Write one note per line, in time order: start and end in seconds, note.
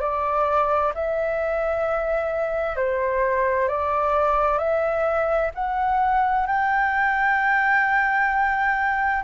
0.00 0.92 D5
0.94 2.76 E5
2.76 3.68 C5
3.68 4.58 D5
4.58 5.50 E5
5.55 6.47 F#5
6.47 9.23 G5